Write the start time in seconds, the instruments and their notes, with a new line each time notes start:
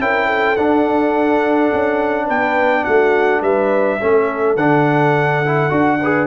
0.00 tuba C#4, trombone E4, horn A#4, trumpet G5
0.26 horn A4
0.56 tuba D4, trombone D4, trumpet F#5
1.73 tuba C#4
2.26 tuba B3, horn B4, trumpet G5
2.84 tuba A3, horn F#4, trumpet F#5
3.41 tuba G3, horn B4, trumpet E5
4.00 tuba A3, trombone C#4, horn A4
4.56 tuba D3, trombone D4, trumpet F#5
5.46 trombone E4
5.70 tuba D4, trombone F#4
6.01 trombone G#4, horn B4